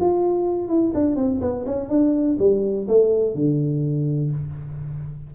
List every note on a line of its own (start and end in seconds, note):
0.00 0.68 F4
0.68 0.92 E4
0.94 1.16 D4
1.16 1.40 C4
1.41 1.65 B3
1.66 1.89 C#4
1.89 2.38 D4
2.39 2.87 G3
2.88 3.34 A3
3.34 4.31 D3